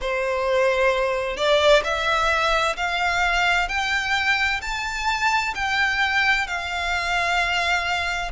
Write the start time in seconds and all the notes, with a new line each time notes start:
0.01 C5
1.36 D5
1.83 E5
2.76 F5
3.68 G5
4.62 A5
5.54 G5
6.47 F5